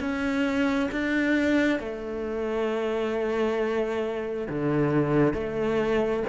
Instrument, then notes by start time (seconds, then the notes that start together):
cello
0.00 C#4
0.92 D4
1.79 A3
4.49 D3
5.34 A3